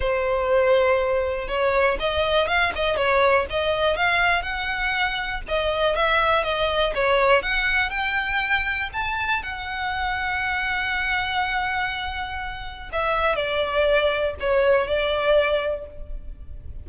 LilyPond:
\new Staff \with { instrumentName = "violin" } { \time 4/4 \tempo 4 = 121 c''2. cis''4 | dis''4 f''8 dis''8 cis''4 dis''4 | f''4 fis''2 dis''4 | e''4 dis''4 cis''4 fis''4 |
g''2 a''4 fis''4~ | fis''1~ | fis''2 e''4 d''4~ | d''4 cis''4 d''2 | }